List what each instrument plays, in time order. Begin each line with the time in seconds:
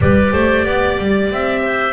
0.00 double bass G3, clarinet G4 B4, trumpet D5
0.32 double bass A3, clarinet C5
0.64 double bass B3, clarinet D5
0.98 double bass G3
1.30 double bass C4, trumpet E5
1.62 clarinet C5